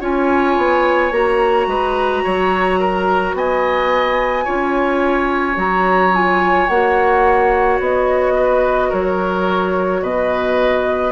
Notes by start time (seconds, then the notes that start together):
0.00 C#4 F4 C#5 G#5
0.57 B3
1.11 A#3 F#4 A#5
1.67 G#3 B4
2.23 F#3 C#5
2.79 A#4
3.33 B3 D#5 G#5
4.44 C#4 F4 C#5
5.54 F#3 F#4 A#5
6.12 F4 G#5
6.68 A#3 F#4 F#5
7.79 B3 D#5
8.35 B4
8.89 F#3 A#4 C#5
10.02 B2 B4 D#5